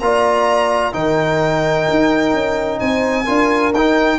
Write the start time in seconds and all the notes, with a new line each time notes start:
0.00 A#3 F4 D5 A#5
0.93 D#3 D#4 A#4 G5
1.90 D#4
2.34 C#4
2.79 C4 C5 G#5
3.24 D4 F4 A#4
3.74 D#4 G5